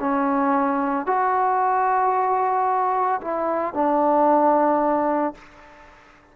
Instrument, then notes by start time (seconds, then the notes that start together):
trombone
0.00 C#4
1.07 F#4
3.21 E4
3.74 D4